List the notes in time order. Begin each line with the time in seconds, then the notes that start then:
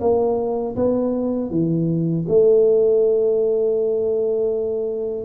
0.00 A#3
0.75 B3
1.50 E3
2.28 A3